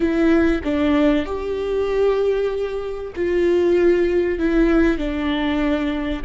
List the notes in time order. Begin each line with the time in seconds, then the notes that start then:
0.00 E4
0.64 D4
1.25 G4
3.15 F4
4.38 E4
4.97 D4